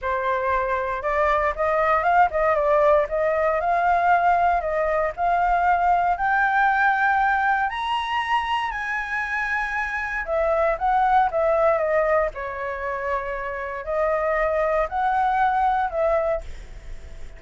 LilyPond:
\new Staff \with { instrumentName = "flute" } { \time 4/4 \tempo 4 = 117 c''2 d''4 dis''4 | f''8 dis''8 d''4 dis''4 f''4~ | f''4 dis''4 f''2 | g''2. ais''4~ |
ais''4 gis''2. | e''4 fis''4 e''4 dis''4 | cis''2. dis''4~ | dis''4 fis''2 e''4 | }